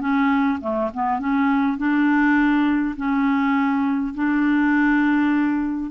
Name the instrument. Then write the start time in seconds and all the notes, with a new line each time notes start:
clarinet
0.00 C#4
0.61 A3
0.94 B3
1.19 C#4
1.78 D4
2.96 C#4
4.14 D4